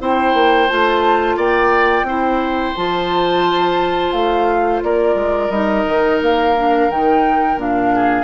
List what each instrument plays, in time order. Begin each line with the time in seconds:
0.00 bassoon C4, clarinet E4, oboe C5, flute G5
0.34 bassoon A#3
0.70 bassoon A3, clarinet F4, flute A5
1.37 bassoon A#3, oboe D5, flute G5
2.03 bassoon C4, clarinet E4, oboe C5
2.76 bassoon F3, clarinet F4, flute A5
4.12 bassoon A3, flute F5
4.83 bassoon A#3, oboe A#4, flute D5
5.15 bassoon G#3
5.50 bassoon G3, clarinet D#4, flute D#5
5.87 bassoon D#3
6.22 bassoon A#3, flute F5
6.57 clarinet D4
6.90 bassoon D#3, clarinet D#4, flute G5
7.57 bassoon A#2, clarinet D4, flute F5
7.95 oboe G#4